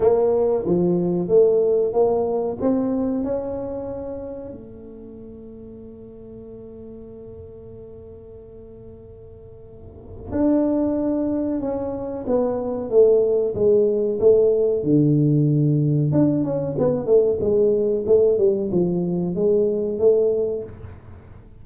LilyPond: \new Staff \with { instrumentName = "tuba" } { \time 4/4 \tempo 4 = 93 ais4 f4 a4 ais4 | c'4 cis'2 a4~ | a1~ | a1 |
d'2 cis'4 b4 | a4 gis4 a4 d4~ | d4 d'8 cis'8 b8 a8 gis4 | a8 g8 f4 gis4 a4 | }